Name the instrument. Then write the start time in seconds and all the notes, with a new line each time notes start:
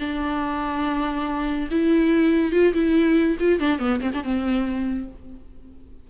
viola
0.00 D4
1.71 E4
2.52 F4
2.74 E4
3.40 F4
3.60 D4
3.80 B3
4.01 C4
4.14 D4
4.24 C4